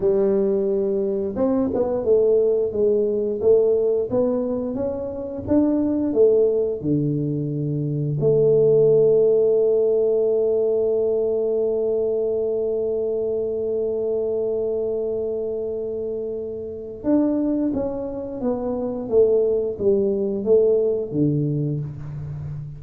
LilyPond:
\new Staff \with { instrumentName = "tuba" } { \time 4/4 \tempo 4 = 88 g2 c'8 b8 a4 | gis4 a4 b4 cis'4 | d'4 a4 d2 | a1~ |
a1~ | a1~ | a4 d'4 cis'4 b4 | a4 g4 a4 d4 | }